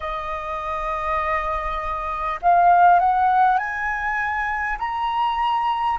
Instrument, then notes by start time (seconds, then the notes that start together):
flute
0.00 D#5
2.42 F5
2.99 F#5
3.58 G#5
4.78 A#5